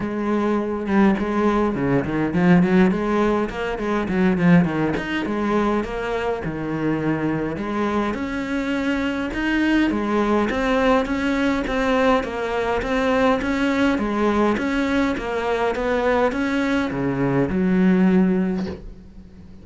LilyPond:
\new Staff \with { instrumentName = "cello" } { \time 4/4 \tempo 4 = 103 gis4. g8 gis4 cis8 dis8 | f8 fis8 gis4 ais8 gis8 fis8 f8 | dis8 dis'8 gis4 ais4 dis4~ | dis4 gis4 cis'2 |
dis'4 gis4 c'4 cis'4 | c'4 ais4 c'4 cis'4 | gis4 cis'4 ais4 b4 | cis'4 cis4 fis2 | }